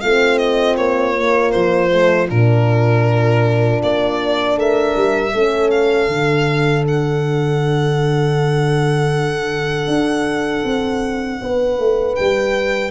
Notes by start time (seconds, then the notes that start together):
0.00 A3 C4 F4 F5
0.38 D#5
0.76 A#3 C#5
1.16 A#3
1.51 F3 C5
1.90 A3
2.29 A#2 D4 A#4
3.82 A#3 D5
4.56 A3 A#4 E5
4.95 G3
5.33 A3 C#4 A4
5.70 F5
6.08 D3 D4
6.87 F#5
9.87 D4
10.64 C4
11.41 B3 B4
11.78 A3
12.15 G3 G5